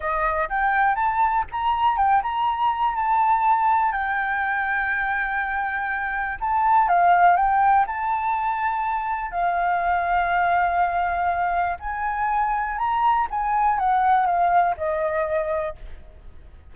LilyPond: \new Staff \with { instrumentName = "flute" } { \time 4/4 \tempo 4 = 122 dis''4 g''4 a''4 ais''4 | g''8 ais''4. a''2 | g''1~ | g''4 a''4 f''4 g''4 |
a''2. f''4~ | f''1 | gis''2 ais''4 gis''4 | fis''4 f''4 dis''2 | }